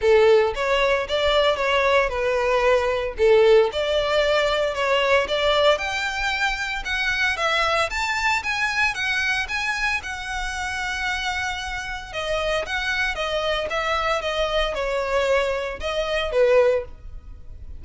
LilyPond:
\new Staff \with { instrumentName = "violin" } { \time 4/4 \tempo 4 = 114 a'4 cis''4 d''4 cis''4 | b'2 a'4 d''4~ | d''4 cis''4 d''4 g''4~ | g''4 fis''4 e''4 a''4 |
gis''4 fis''4 gis''4 fis''4~ | fis''2. dis''4 | fis''4 dis''4 e''4 dis''4 | cis''2 dis''4 b'4 | }